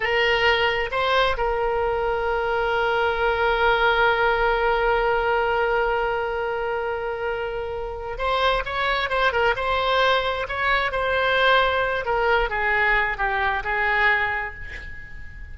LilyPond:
\new Staff \with { instrumentName = "oboe" } { \time 4/4 \tempo 4 = 132 ais'2 c''4 ais'4~ | ais'1~ | ais'1~ | ais'1~ |
ais'2 c''4 cis''4 | c''8 ais'8 c''2 cis''4 | c''2~ c''8 ais'4 gis'8~ | gis'4 g'4 gis'2 | }